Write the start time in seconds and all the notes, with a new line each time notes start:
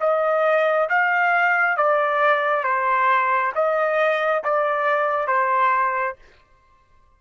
0.00 D#5
0.89 F5
1.77 D5
2.64 C5
3.55 D#5
4.44 D5
5.27 C5